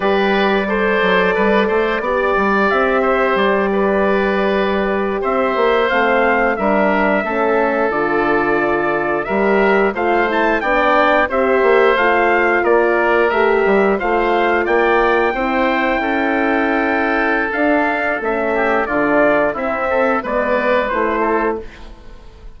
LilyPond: <<
  \new Staff \with { instrumentName = "trumpet" } { \time 4/4 \tempo 4 = 89 d''1 | e''4 d''2~ d''8. e''16~ | e''8. f''4 e''2 d''16~ | d''4.~ d''16 e''4 f''8 a''8 g''16~ |
g''8. e''4 f''4 d''4 e''16~ | e''8. f''4 g''2~ g''16~ | g''2 f''4 e''4 | d''4 e''4 d''4 c''4 | }
  \new Staff \with { instrumentName = "oboe" } { \time 4/4 b'4 c''4 b'8 c''8 d''4~ | d''8 c''4 b'2~ b'16 c''16~ | c''4.~ c''16 ais'4 a'4~ a'16~ | a'4.~ a'16 ais'4 c''4 d''16~ |
d''8. c''2 ais'4~ ais'16~ | ais'8. c''4 d''4 c''4 a'16~ | a'2.~ a'8 g'8 | f'4 e'8 a'8 b'4. a'8 | }
  \new Staff \with { instrumentName = "horn" } { \time 4/4 g'4 a'2 g'4~ | g'1~ | g'8. c'4 d'4 cis'4 f'16~ | f'4.~ f'16 g'4 f'8 e'8 d'16~ |
d'8. g'4 f'2 g'16~ | g'8. f'2 e'4~ e'16~ | e'2 d'4 cis'4 | d'4 c'4 b4 e'4 | }
  \new Staff \with { instrumentName = "bassoon" } { \time 4/4 g4. fis8 g8 a8 b8 g8 | c'4 g2~ g8. c'16~ | c'16 ais8 a4 g4 a4 d16~ | d4.~ d16 g4 a4 b16~ |
b8. c'8 ais8 a4 ais4 a16~ | a16 g8 a4 ais4 c'4 cis'16~ | cis'2 d'4 a4 | d4 c'4 gis4 a4 | }
>>